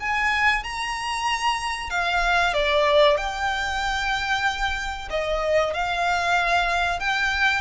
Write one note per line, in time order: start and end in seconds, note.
0.00 0.64 G#5
0.64 1.90 A#5
1.90 2.53 F5
2.53 3.17 D5
3.17 5.09 G5
5.10 5.73 D#5
5.73 7.00 F5
7.00 7.61 G5